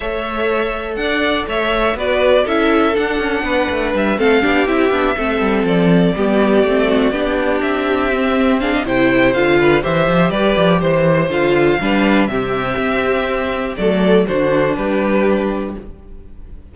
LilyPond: <<
  \new Staff \with { instrumentName = "violin" } { \time 4/4 \tempo 4 = 122 e''2 fis''4 e''4 | d''4 e''4 fis''2 | e''8 f''4 e''2 d''8~ | d''2.~ d''8 e''8~ |
e''4. f''8 g''4 f''4 | e''4 d''4 c''4 f''4~ | f''4 e''2. | d''4 c''4 b'2 | }
  \new Staff \with { instrumentName = "violin" } { \time 4/4 cis''2 d''4 cis''4 | b'4 a'2 b'4~ | b'8 a'8 g'4. a'4.~ | a'8 g'4. fis'8 g'4.~ |
g'4. gis'16 dis''16 c''4. b'8 | c''4 b'4 c''2 | b'4 g'2. | a'4 fis'4 g'2 | }
  \new Staff \with { instrumentName = "viola" } { \time 4/4 a'1 | fis'4 e'4 d'2~ | d'8 c'8 d'8 e'8 d'8 c'4.~ | c'8 b4 c'4 d'4.~ |
d'8 c'4 d'8 e'4 f'4 | g'2. f'4 | d'4 c'2. | a4 d'2. | }
  \new Staff \with { instrumentName = "cello" } { \time 4/4 a2 d'4 a4 | b4 cis'4 d'8 cis'8 b8 a8 | g8 a8 b8 c'8 b8 a8 g8 f8~ | f8 g4 a4 b4 c'8~ |
c'2 c4 d4 | e8 f8 g8 f8 e4 d4 | g4 c4 c'2 | fis4 d4 g2 | }
>>